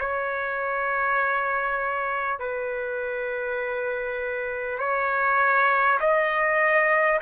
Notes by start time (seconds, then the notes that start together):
0.00 C#5
2.39 B4
4.79 C#5
6.01 D#5